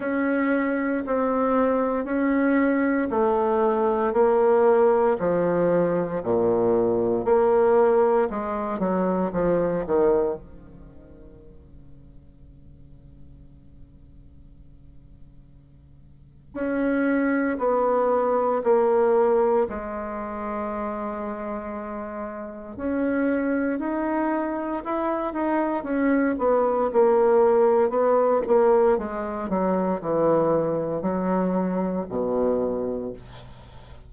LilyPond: \new Staff \with { instrumentName = "bassoon" } { \time 4/4 \tempo 4 = 58 cis'4 c'4 cis'4 a4 | ais4 f4 ais,4 ais4 | gis8 fis8 f8 dis8 cis2~ | cis1 |
cis'4 b4 ais4 gis4~ | gis2 cis'4 dis'4 | e'8 dis'8 cis'8 b8 ais4 b8 ais8 | gis8 fis8 e4 fis4 b,4 | }